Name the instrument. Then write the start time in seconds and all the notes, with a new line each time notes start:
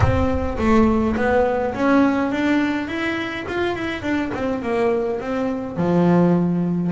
double bass
0.00 C4
0.58 A3
1.16 B3
1.74 C#4
2.31 D4
2.87 E4
3.48 F4
3.75 E4
4.02 D4
4.34 C4
4.62 A#3
5.20 C4
5.77 F3